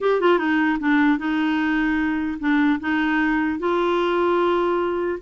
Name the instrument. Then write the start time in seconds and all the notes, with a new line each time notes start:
clarinet
0.01 G4
0.21 F4
0.38 D#4
0.79 D4
1.18 D#4
2.39 D4
2.80 D#4
3.59 F4